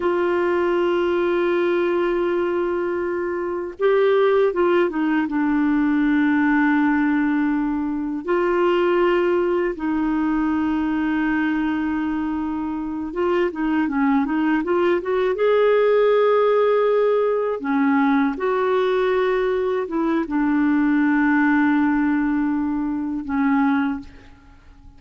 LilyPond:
\new Staff \with { instrumentName = "clarinet" } { \time 4/4 \tempo 4 = 80 f'1~ | f'4 g'4 f'8 dis'8 d'4~ | d'2. f'4~ | f'4 dis'2.~ |
dis'4. f'8 dis'8 cis'8 dis'8 f'8 | fis'8 gis'2. cis'8~ | cis'8 fis'2 e'8 d'4~ | d'2. cis'4 | }